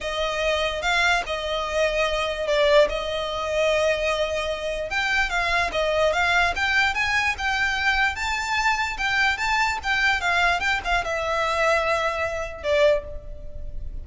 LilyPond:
\new Staff \with { instrumentName = "violin" } { \time 4/4 \tempo 4 = 147 dis''2 f''4 dis''4~ | dis''2 d''4 dis''4~ | dis''1 | g''4 f''4 dis''4 f''4 |
g''4 gis''4 g''2 | a''2 g''4 a''4 | g''4 f''4 g''8 f''8 e''4~ | e''2. d''4 | }